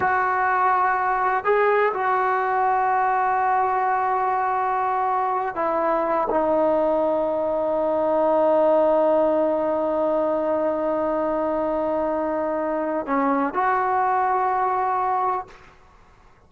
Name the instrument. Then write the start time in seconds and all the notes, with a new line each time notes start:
trombone
0.00 F#4
1.44 G#4
1.93 F#4
5.55 E4
6.30 D#4
13.06 C#4
13.53 F#4